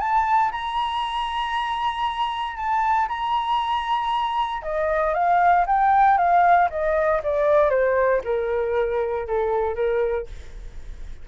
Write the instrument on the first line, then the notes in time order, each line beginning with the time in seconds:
flute
0.00 A5
0.52 A#5
2.57 A5
3.08 A#5
4.62 D#5
5.14 F5
5.66 G5
6.17 F5
6.70 D#5
7.23 D5
7.70 C5
8.24 A#4
9.27 A4
9.75 A#4